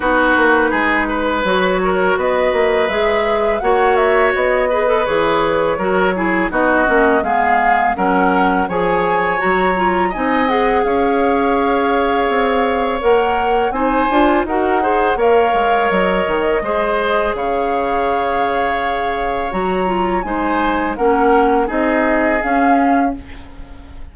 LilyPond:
<<
  \new Staff \with { instrumentName = "flute" } { \time 4/4 \tempo 4 = 83 b'2 cis''4 dis''4 | e''4 fis''8 e''8 dis''4 cis''4~ | cis''4 dis''4 f''4 fis''4 | gis''4 ais''4 gis''8 fis''8 f''4~ |
f''2 fis''4 gis''4 | fis''4 f''4 dis''2 | f''2. ais''4 | gis''4 fis''4 dis''4 f''4 | }
  \new Staff \with { instrumentName = "oboe" } { \time 4/4 fis'4 gis'8 b'4 ais'8 b'4~ | b'4 cis''4. b'4. | ais'8 gis'8 fis'4 gis'4 ais'4 | cis''2 dis''4 cis''4~ |
cis''2. c''4 | ais'8 c''8 cis''2 c''4 | cis''1 | c''4 ais'4 gis'2 | }
  \new Staff \with { instrumentName = "clarinet" } { \time 4/4 dis'2 fis'2 | gis'4 fis'4. gis'16 a'16 gis'4 | fis'8 e'8 dis'8 cis'8 b4 cis'4 | gis'4 fis'8 f'8 dis'8 gis'4.~ |
gis'2 ais'4 dis'8 f'8 | fis'8 gis'8 ais'2 gis'4~ | gis'2. fis'8 f'8 | dis'4 cis'4 dis'4 cis'4 | }
  \new Staff \with { instrumentName = "bassoon" } { \time 4/4 b8 ais8 gis4 fis4 b8 ais8 | gis4 ais4 b4 e4 | fis4 b8 ais8 gis4 fis4 | f4 fis4 c'4 cis'4~ |
cis'4 c'4 ais4 c'8 d'8 | dis'4 ais8 gis8 fis8 dis8 gis4 | cis2. fis4 | gis4 ais4 c'4 cis'4 | }
>>